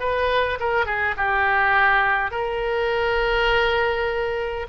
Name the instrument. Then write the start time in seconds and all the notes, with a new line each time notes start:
oboe
0.00 B4
0.60 A#4
0.86 G#4
1.17 G4
2.31 A#4